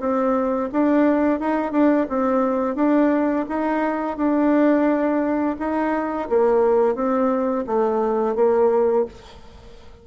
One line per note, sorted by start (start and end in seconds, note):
0.00 0.70 C4
0.73 1.40 D4
1.40 1.72 D#4
1.72 2.07 D4
2.09 2.76 C4
2.76 3.46 D4
3.49 4.17 D#4
4.17 5.57 D4
5.59 6.29 D#4
6.29 6.95 A#3
6.95 7.65 C4
7.67 8.36 A3
8.36 9.06 A#3